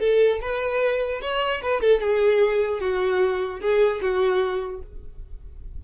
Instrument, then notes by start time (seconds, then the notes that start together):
violin
0.00 A4
0.41 B4
1.22 C#5
1.62 B4
1.81 A4
2.01 G#4
2.80 F#4
3.61 G#4
4.02 F#4